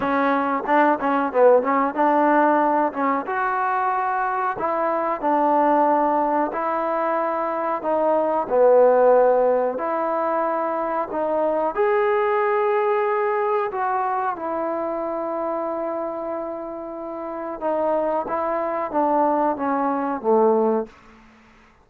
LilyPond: \new Staff \with { instrumentName = "trombone" } { \time 4/4 \tempo 4 = 92 cis'4 d'8 cis'8 b8 cis'8 d'4~ | d'8 cis'8 fis'2 e'4 | d'2 e'2 | dis'4 b2 e'4~ |
e'4 dis'4 gis'2~ | gis'4 fis'4 e'2~ | e'2. dis'4 | e'4 d'4 cis'4 a4 | }